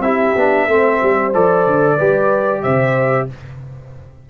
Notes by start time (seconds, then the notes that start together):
0.00 C4 E4 G4 E5
0.36 B3 D4
0.68 A3 C4 C5
1.03 G3
1.34 F3 A4 D5
1.67 D3
1.97 G3 G4 B4
2.63 C3 C5 E5